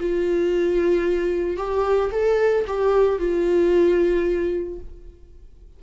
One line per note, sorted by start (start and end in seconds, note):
0.00 1.57 F4
1.57 2.10 G4
2.12 2.65 A4
2.67 3.19 G4
3.19 4.79 F4